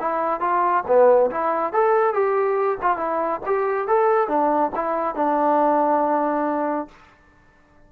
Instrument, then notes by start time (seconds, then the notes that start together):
trombone
0.00 E4
0.40 F4
0.87 B3
1.31 E4
1.73 A4
2.13 G4
2.82 F4
2.97 E4
3.46 G4
3.88 A4
4.28 D4
4.75 E4
5.15 D4